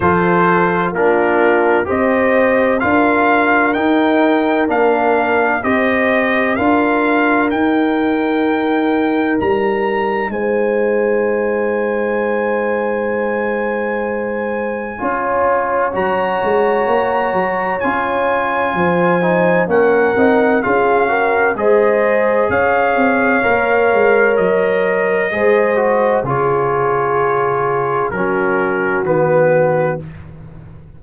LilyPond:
<<
  \new Staff \with { instrumentName = "trumpet" } { \time 4/4 \tempo 4 = 64 c''4 ais'4 dis''4 f''4 | g''4 f''4 dis''4 f''4 | g''2 ais''4 gis''4~ | gis''1~ |
gis''4 ais''2 gis''4~ | gis''4 fis''4 f''4 dis''4 | f''2 dis''2 | cis''2 ais'4 b'4 | }
  \new Staff \with { instrumentName = "horn" } { \time 4/4 a'4 f'4 c''4 ais'4~ | ais'2 c''4 ais'4~ | ais'2. c''4~ | c''1 |
cis''1 | c''4 ais'4 gis'8 ais'8 c''4 | cis''2. c''4 | gis'2 fis'2 | }
  \new Staff \with { instrumentName = "trombone" } { \time 4/4 f'4 d'4 g'4 f'4 | dis'4 d'4 g'4 f'4 | dis'1~ | dis'1 |
f'4 fis'2 f'4~ | f'8 dis'8 cis'8 dis'8 f'8 fis'8 gis'4~ | gis'4 ais'2 gis'8 fis'8 | f'2 cis'4 b4 | }
  \new Staff \with { instrumentName = "tuba" } { \time 4/4 f4 ais4 c'4 d'4 | dis'4 ais4 c'4 d'4 | dis'2 g4 gis4~ | gis1 |
cis'4 fis8 gis8 ais8 fis8 cis'4 | f4 ais8 c'8 cis'4 gis4 | cis'8 c'8 ais8 gis8 fis4 gis4 | cis2 fis4 dis4 | }
>>